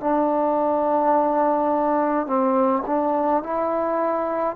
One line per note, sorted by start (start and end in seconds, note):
0.00 2.26 D4
2.26 2.83 C4
2.87 3.43 D4
3.43 4.55 E4